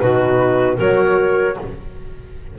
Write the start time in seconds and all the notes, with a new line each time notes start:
0.00 B2 D#4 F#4 B4
0.77 F#3 F#4 A#4 C#5